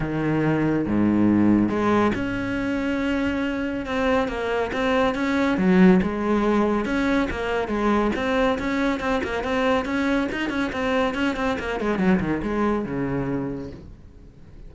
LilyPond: \new Staff \with { instrumentName = "cello" } { \time 4/4 \tempo 4 = 140 dis2 gis,2 | gis4 cis'2.~ | cis'4 c'4 ais4 c'4 | cis'4 fis4 gis2 |
cis'4 ais4 gis4 c'4 | cis'4 c'8 ais8 c'4 cis'4 | dis'8 cis'8 c'4 cis'8 c'8 ais8 gis8 | fis8 dis8 gis4 cis2 | }